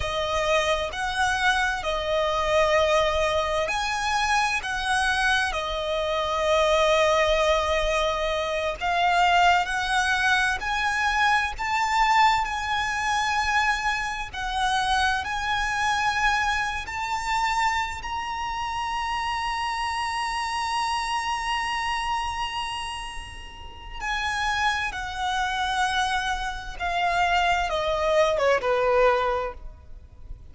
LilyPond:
\new Staff \with { instrumentName = "violin" } { \time 4/4 \tempo 4 = 65 dis''4 fis''4 dis''2 | gis''4 fis''4 dis''2~ | dis''4. f''4 fis''4 gis''8~ | gis''8 a''4 gis''2 fis''8~ |
fis''8 gis''4.~ gis''16 a''4~ a''16 ais''8~ | ais''1~ | ais''2 gis''4 fis''4~ | fis''4 f''4 dis''8. cis''16 b'4 | }